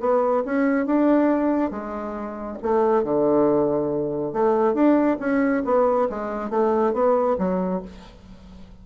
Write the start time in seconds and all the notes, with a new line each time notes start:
0.00 B3
0.45 C#4
0.86 D4
1.71 G#3
2.62 A3
3.04 D3
4.33 A3
4.74 D4
5.20 C#4
5.65 B3
6.10 G#3
6.50 A3
6.93 B3
7.39 F#3